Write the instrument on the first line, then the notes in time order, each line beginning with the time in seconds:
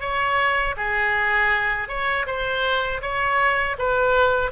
oboe
0.00 C#5
0.76 G#4
1.88 C#5
2.26 C5
3.01 C#5
3.78 B4